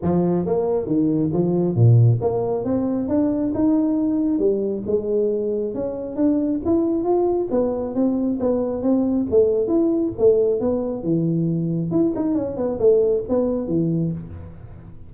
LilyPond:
\new Staff \with { instrumentName = "tuba" } { \time 4/4 \tempo 4 = 136 f4 ais4 dis4 f4 | ais,4 ais4 c'4 d'4 | dis'2 g4 gis4~ | gis4 cis'4 d'4 e'4 |
f'4 b4 c'4 b4 | c'4 a4 e'4 a4 | b4 e2 e'8 dis'8 | cis'8 b8 a4 b4 e4 | }